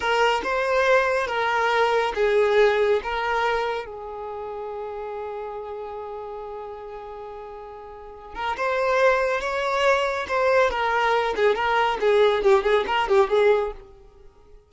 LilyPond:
\new Staff \with { instrumentName = "violin" } { \time 4/4 \tempo 4 = 140 ais'4 c''2 ais'4~ | ais'4 gis'2 ais'4~ | ais'4 gis'2.~ | gis'1~ |
gis'2.~ gis'8 ais'8 | c''2 cis''2 | c''4 ais'4. gis'8 ais'4 | gis'4 g'8 gis'8 ais'8 g'8 gis'4 | }